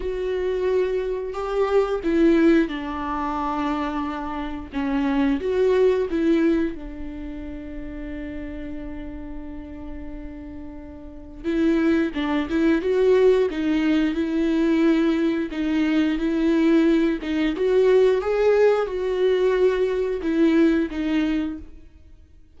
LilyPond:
\new Staff \with { instrumentName = "viola" } { \time 4/4 \tempo 4 = 89 fis'2 g'4 e'4 | d'2. cis'4 | fis'4 e'4 d'2~ | d'1~ |
d'4 e'4 d'8 e'8 fis'4 | dis'4 e'2 dis'4 | e'4. dis'8 fis'4 gis'4 | fis'2 e'4 dis'4 | }